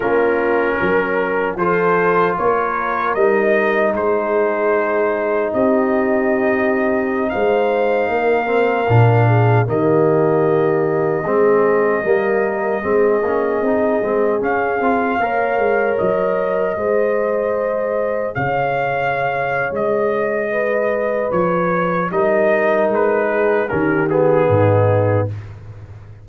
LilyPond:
<<
  \new Staff \with { instrumentName = "trumpet" } { \time 4/4 \tempo 4 = 76 ais'2 c''4 cis''4 | dis''4 c''2 dis''4~ | dis''4~ dis''16 f''2~ f''8.~ | f''16 dis''2.~ dis''8.~ |
dis''2~ dis''16 f''4.~ f''16~ | f''16 dis''2. f''8.~ | f''4 dis''2 cis''4 | dis''4 b'4 ais'8 gis'4. | }
  \new Staff \with { instrumentName = "horn" } { \time 4/4 f'4 ais'4 a'4 ais'4~ | ais'4 gis'2 g'4~ | g'4~ g'16 c''4 ais'4. gis'16~ | gis'16 g'2 gis'4 ais'8.~ |
ais'16 gis'2. cis''8.~ | cis''4~ cis''16 c''2 cis''8.~ | cis''2 b'2 | ais'4. gis'8 g'4 dis'4 | }
  \new Staff \with { instrumentName = "trombone" } { \time 4/4 cis'2 f'2 | dis'1~ | dis'2~ dis'8. c'8 d'8.~ | d'16 ais2 c'4 ais8.~ |
ais16 c'8 cis'8 dis'8 c'8 cis'8 f'8 ais'8.~ | ais'4~ ais'16 gis'2~ gis'8.~ | gis'1 | dis'2 cis'8 b4. | }
  \new Staff \with { instrumentName = "tuba" } { \time 4/4 ais4 fis4 f4 ais4 | g4 gis2 c'4~ | c'4~ c'16 gis4 ais4 ais,8.~ | ais,16 dis2 gis4 g8.~ |
g16 gis8 ais8 c'8 gis8 cis'8 c'8 ais8 gis16~ | gis16 fis4 gis2 cis8.~ | cis4 gis2 f4 | g4 gis4 dis4 gis,4 | }
>>